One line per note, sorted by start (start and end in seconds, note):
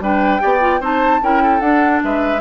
0.00 0.40 G3
0.00 0.40 D4
0.00 0.42 B4
0.00 0.83 G5
0.40 0.80 B3
0.40 0.60 G4
0.40 0.81 D5
0.61 0.81 F4
0.80 1.20 C4
0.80 1.21 D#4
0.80 1.21 C5
0.80 1.24 A5
1.21 1.60 C#4
1.21 1.61 E4
1.21 1.43 A#4
1.21 1.60 G5
1.43 2.03 A4
1.60 2.00 D4
1.60 2.40 D4
1.60 2.00 F#5
2.04 2.40 G#3
2.04 2.40 B4
2.04 2.40 E5